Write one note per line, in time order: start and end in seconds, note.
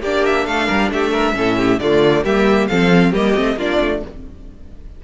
0.00 0.46 A#3
0.00 1.33 D4
0.00 0.44 G4
0.00 0.25 D5
0.25 0.45 E5
0.45 0.68 A3
0.45 0.66 A4
0.45 0.90 F5
0.66 0.90 G3
0.66 0.89 A#4
0.90 1.35 A3
0.90 1.11 G4
0.90 1.79 E5
1.11 1.33 A#4
1.33 1.79 A2
1.33 1.78 C#4
1.33 1.57 A4
1.57 1.80 G4
1.79 2.23 D3
1.79 2.24 A3
1.79 2.23 F4
1.79 2.23 D5
2.23 2.68 G3
2.23 2.69 A#3
2.23 2.68 G4
2.23 2.67 E5
2.67 3.12 F3
2.67 3.13 C4
2.67 3.11 A4
2.67 3.12 F5
3.11 3.35 G3
3.11 3.35 A#3
3.11 3.55 G4
3.11 3.59 D#5
3.35 3.56 A3
3.35 3.57 C4
3.56 3.78 A#3
3.56 4.03 D4
3.56 4.01 F4
3.56 4.04 D5
3.80 4.02 A3